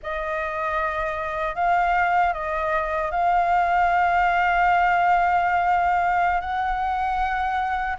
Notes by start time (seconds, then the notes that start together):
0.02 D#5
1.55 F5
2.33 D#5
3.11 F5
6.40 F#5